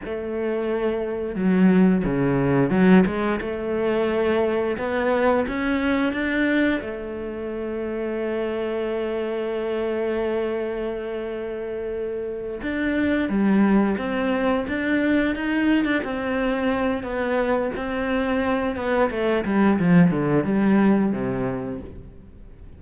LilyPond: \new Staff \with { instrumentName = "cello" } { \time 4/4 \tempo 4 = 88 a2 fis4 cis4 | fis8 gis8 a2 b4 | cis'4 d'4 a2~ | a1~ |
a2~ a8 d'4 g8~ | g8 c'4 d'4 dis'8. d'16 c'8~ | c'4 b4 c'4. b8 | a8 g8 f8 d8 g4 c4 | }